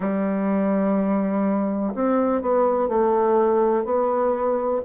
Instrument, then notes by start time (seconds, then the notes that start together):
bassoon
0.00 G3
1.94 C4
2.41 B3
2.88 A3
3.84 B3